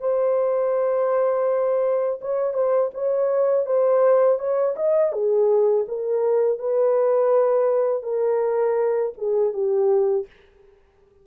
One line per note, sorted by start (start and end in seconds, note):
0.00 2.20 C5
2.21 2.54 C#5
2.54 2.90 C5
2.94 3.66 C#5
3.66 4.38 C5
4.38 4.75 C#5
4.76 5.12 D#5
5.13 5.86 G#4
5.88 6.59 A#4
6.59 8.03 B4
8.03 9.13 A#4
9.18 9.53 G#4
9.53 10.26 G4